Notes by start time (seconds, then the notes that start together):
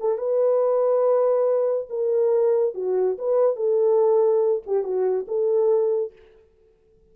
0.00 A4
0.18 B4
1.90 A#4
2.75 F#4
3.18 B4
3.56 A4
4.66 G4
4.84 F#4
5.27 A4